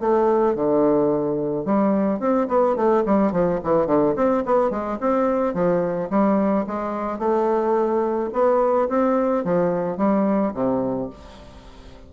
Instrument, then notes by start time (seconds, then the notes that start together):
bassoon
0.00 A3
0.55 D3
1.65 G3
2.20 C4
2.48 B3
2.76 A3
3.06 G3
3.32 F3
3.63 E3
3.86 D3
4.16 C4
4.45 B3
4.70 G#3
5.00 C4
5.54 F3
6.10 G3
6.67 G#3
7.19 A3
8.33 B3
8.89 C4
9.44 F3
9.97 G3
10.54 C3